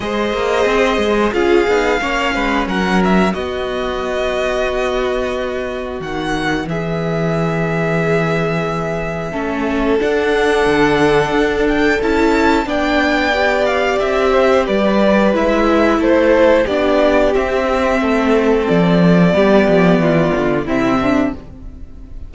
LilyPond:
<<
  \new Staff \with { instrumentName = "violin" } { \time 4/4 \tempo 4 = 90 dis''2 f''2 | fis''8 e''8 dis''2.~ | dis''4 fis''4 e''2~ | e''2. fis''4~ |
fis''4. g''8 a''4 g''4~ | g''8 f''8 e''4 d''4 e''4 | c''4 d''4 e''2 | d''2. e''4 | }
  \new Staff \with { instrumentName = "violin" } { \time 4/4 c''2 gis'4 cis''8 b'8 | ais'4 fis'2.~ | fis'2 gis'2~ | gis'2 a'2~ |
a'2. d''4~ | d''4. c''8 b'2 | a'4 g'2 a'4~ | a'4 g'4 f'4 e'8 d'8 | }
  \new Staff \with { instrumentName = "viola" } { \time 4/4 gis'2 f'8 dis'8 cis'4~ | cis'4 b2.~ | b1~ | b2 cis'4 d'4~ |
d'2 e'4 d'4 | g'2. e'4~ | e'4 d'4 c'2~ | c'4 b2 c'4 | }
  \new Staff \with { instrumentName = "cello" } { \time 4/4 gis8 ais8 c'8 gis8 cis'8 b8 ais8 gis8 | fis4 b2.~ | b4 dis4 e2~ | e2 a4 d'4 |
d4 d'4 cis'4 b4~ | b4 c'4 g4 gis4 | a4 b4 c'4 a4 | f4 g8 f8 e8 d8 c4 | }
>>